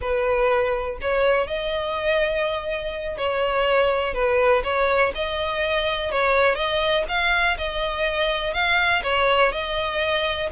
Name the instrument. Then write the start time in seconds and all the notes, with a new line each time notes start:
violin
0.01 B4
1.01 C#5
1.47 D#5
3.17 C#5
4.14 B4
4.63 C#5
5.14 D#5
6.11 C#5
6.55 D#5
7.08 F5
7.57 D#5
8.53 F5
9.03 C#5
9.51 D#5